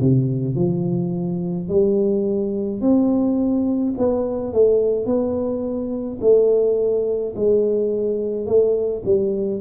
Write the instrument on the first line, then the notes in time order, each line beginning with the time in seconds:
tuba
0.00 C3
0.56 F3
1.69 G3
2.81 C4
3.98 B3
4.53 A3
5.06 B3
6.21 A3
7.36 G#3
8.46 A3
9.05 G3